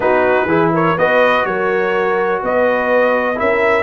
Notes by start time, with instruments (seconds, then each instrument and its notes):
0.00 tuba B3, trombone D#4, horn F#4, trumpet B4
0.45 tuba E3, trombone E4, horn G#4
0.73 horn A#4, trumpet C#5
0.97 tuba B3, trombone F#4, horn B4, trumpet D#5
1.44 tuba F#3, horn A#4, trumpet C#5
2.42 tuba B3, horn B4, trumpet D#5
3.35 tuba C#4, trombone E4, horn A#4, trumpet E5